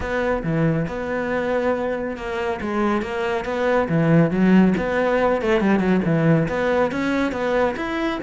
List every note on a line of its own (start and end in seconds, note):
0.00 0.42 B3
0.43 0.86 E3
0.87 2.16 B3
2.16 2.60 A#3
2.61 3.02 G#3
3.02 3.44 A#3
3.44 3.87 B3
3.88 4.30 E3
4.30 4.74 F#3
4.77 5.41 B3
5.41 5.60 A3
5.60 5.79 G3
5.79 6.01 F#3
6.04 6.47 E3
6.48 6.91 B3
6.91 7.31 C#4
7.31 7.75 B3
7.76 8.19 E4